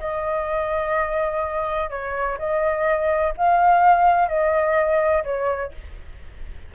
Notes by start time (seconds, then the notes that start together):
0.00 D#5
1.90 C#5
2.39 D#5
3.38 F5
4.29 D#5
5.24 C#5